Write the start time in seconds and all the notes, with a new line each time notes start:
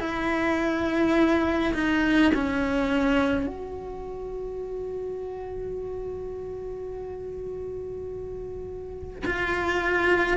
0.00 E4
1.74 D#4
2.34 C#4
3.46 F#4
9.26 F4